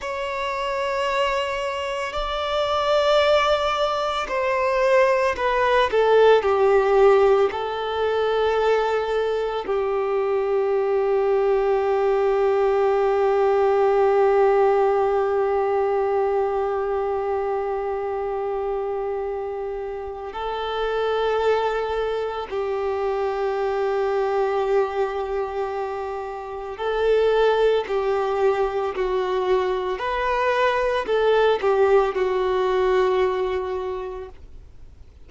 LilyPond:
\new Staff \with { instrumentName = "violin" } { \time 4/4 \tempo 4 = 56 cis''2 d''2 | c''4 b'8 a'8 g'4 a'4~ | a'4 g'2.~ | g'1~ |
g'2. a'4~ | a'4 g'2.~ | g'4 a'4 g'4 fis'4 | b'4 a'8 g'8 fis'2 | }